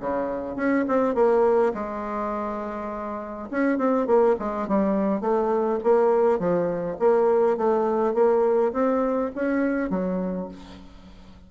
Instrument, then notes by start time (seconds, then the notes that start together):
bassoon
0.00 C#3
0.56 C#4
0.88 C4
1.15 A#3
1.74 G#3
3.51 C#4
3.78 C4
4.07 A#3
4.39 G#3
4.68 G3
5.21 A3
5.84 A#3
6.39 F3
6.99 A#3
7.57 A3
8.14 A#3
8.73 C4
9.35 C#4
9.90 F#3